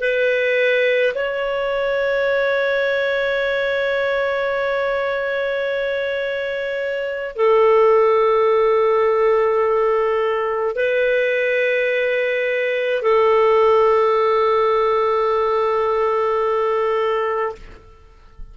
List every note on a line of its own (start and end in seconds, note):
0.00 1.13 B4
1.15 7.36 C#5
7.36 10.75 A4
10.75 13.02 B4
13.02 17.55 A4